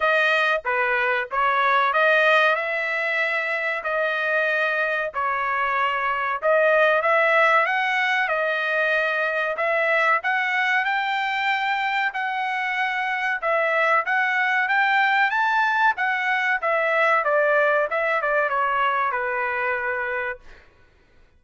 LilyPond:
\new Staff \with { instrumentName = "trumpet" } { \time 4/4 \tempo 4 = 94 dis''4 b'4 cis''4 dis''4 | e''2 dis''2 | cis''2 dis''4 e''4 | fis''4 dis''2 e''4 |
fis''4 g''2 fis''4~ | fis''4 e''4 fis''4 g''4 | a''4 fis''4 e''4 d''4 | e''8 d''8 cis''4 b'2 | }